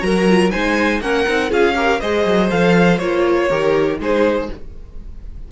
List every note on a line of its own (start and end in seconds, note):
0.00 0.51 F#3
0.00 0.25 F#4
0.00 0.51 A#4
0.00 0.50 A#5
0.28 0.50 F4
0.50 1.00 G#3
0.50 1.00 D#4
0.50 1.01 C5
0.50 1.00 G#5
1.00 1.25 A#3
1.00 1.27 C#4
1.00 1.49 A#4
1.00 1.51 F#5
1.28 1.51 C4
1.28 1.50 D#4
1.49 2.00 C#4
1.49 1.74 F4
1.49 1.74 G#4
1.49 2.00 F5
1.75 2.00 G4
1.75 2.00 A#4
2.00 2.25 G#3
2.00 2.49 G#4
2.00 3.48 C5
2.00 2.50 D#5
2.25 2.50 F#3
2.49 2.99 F3
2.49 2.99 A4
2.49 2.98 F5
2.98 3.49 A#3
2.98 3.49 F4
2.98 3.97 C#5
3.48 3.99 D#3
3.48 3.99 G4
3.48 3.98 A#4
3.99 4.49 G#3
3.99 4.49 D#4
3.99 4.51 G#4
3.99 4.51 C5